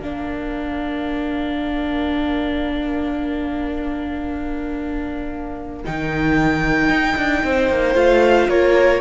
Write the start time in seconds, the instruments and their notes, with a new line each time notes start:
0.00 cello A#3, viola D4, violin A#4 F5
5.85 cello D#3, viola D#4, violin G5
6.89 cello D#4
7.16 cello D4
7.44 cello C4, violin C5
7.69 cello A#3
7.94 cello A3, viola F4, violin F5
8.49 cello A#3, violin A#4 C#5